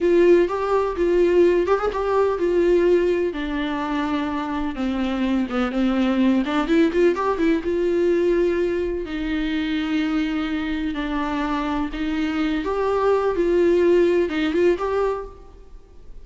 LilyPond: \new Staff \with { instrumentName = "viola" } { \time 4/4 \tempo 4 = 126 f'4 g'4 f'4. g'16 gis'16 | g'4 f'2 d'4~ | d'2 c'4. b8 | c'4. d'8 e'8 f'8 g'8 e'8 |
f'2. dis'4~ | dis'2. d'4~ | d'4 dis'4. g'4. | f'2 dis'8 f'8 g'4 | }